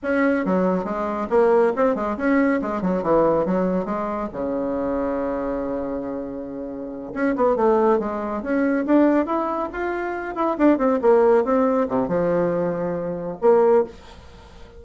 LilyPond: \new Staff \with { instrumentName = "bassoon" } { \time 4/4 \tempo 4 = 139 cis'4 fis4 gis4 ais4 | c'8 gis8 cis'4 gis8 fis8 e4 | fis4 gis4 cis2~ | cis1~ |
cis8 cis'8 b8 a4 gis4 cis'8~ | cis'8 d'4 e'4 f'4. | e'8 d'8 c'8 ais4 c'4 c8 | f2. ais4 | }